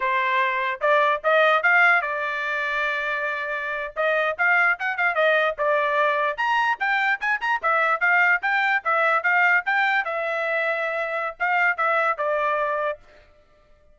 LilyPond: \new Staff \with { instrumentName = "trumpet" } { \time 4/4 \tempo 4 = 148 c''2 d''4 dis''4 | f''4 d''2.~ | d''4.~ d''16 dis''4 f''4 fis''16~ | fis''16 f''8 dis''4 d''2 ais''16~ |
ais''8. g''4 gis''8 ais''8 e''4 f''16~ | f''8. g''4 e''4 f''4 g''16~ | g''8. e''2.~ e''16 | f''4 e''4 d''2 | }